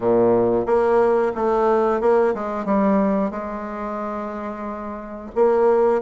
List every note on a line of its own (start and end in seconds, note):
0.00 0.65 A#2
0.65 1.32 A#3
1.35 2.00 A3
2.00 2.34 A#3
2.34 2.65 G#3
2.65 3.31 G3
3.31 5.31 G#3
5.35 6.02 A#3